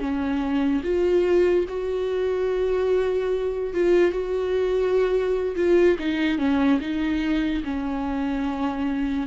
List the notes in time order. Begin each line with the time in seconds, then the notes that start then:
0.00 C#4
0.83 F4
1.68 F#4
3.74 F4
4.12 F#4
5.56 F4
5.99 D#4
6.38 C#4
6.81 D#4
7.64 C#4